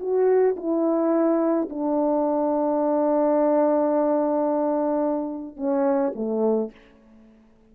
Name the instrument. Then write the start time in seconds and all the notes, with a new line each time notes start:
horn
0.00 F#4
0.57 E4
1.70 D4
5.57 C#4
6.16 A3